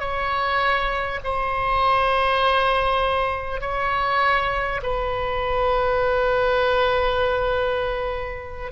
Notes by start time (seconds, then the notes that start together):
0.00 C#5
1.24 C5
3.61 C#5
4.83 B4